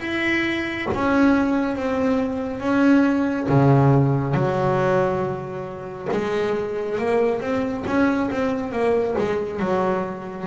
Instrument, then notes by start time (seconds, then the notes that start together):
double bass
0.00 E4
0.94 C#4
1.76 C4
2.60 C#4
3.49 C#3
4.34 F#3
6.11 G#3
6.98 A#3
7.41 C4
7.87 C#4
8.31 C4
8.72 A#3
9.18 G#3
9.60 F#3